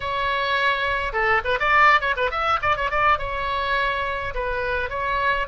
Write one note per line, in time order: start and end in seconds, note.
0.00 1.12 C#5
1.12 1.41 A4
1.44 1.59 B4
1.59 2.00 D5
2.00 2.15 C#5
2.16 2.30 B4
2.30 2.59 E5
2.62 2.76 D5
2.76 2.90 C#5
2.90 3.18 D5
3.18 4.33 C#5
4.34 4.89 B4
4.89 5.47 C#5